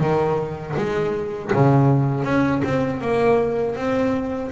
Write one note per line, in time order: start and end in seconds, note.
0.00 0.75 D#3
0.77 1.52 G#3
1.53 2.25 C#3
2.25 2.62 C#4
2.65 3.01 C4
3.01 3.76 A#3
3.76 4.51 C4